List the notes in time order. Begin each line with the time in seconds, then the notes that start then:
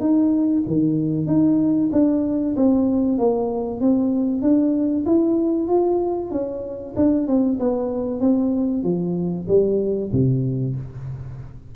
0.00 D#4
0.67 D#3
1.27 D#4
1.92 D4
2.56 C4
3.18 A#3
3.81 C4
4.42 D4
5.06 E4
5.68 F4
6.31 C#4
6.96 D4
7.27 C4
7.59 B3
8.20 C4
8.83 F3
9.48 G3
10.12 C3